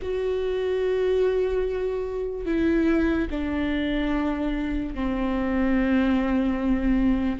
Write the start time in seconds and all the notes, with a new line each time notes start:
0.02 F#4
2.45 E4
3.30 D4
4.94 C4